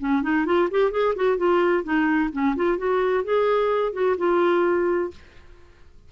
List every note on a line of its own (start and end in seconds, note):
0.00 0.22 C#4
0.22 0.46 D#4
0.46 0.69 F4
0.71 0.92 G4
0.92 1.15 G#4
1.16 1.38 F#4
1.38 1.84 F4
1.84 2.30 D#4
2.33 2.56 C#4
2.56 2.78 F4
2.78 3.24 F#4
3.24 3.93 G#4
3.93 4.16 F#4
4.18 5.11 F4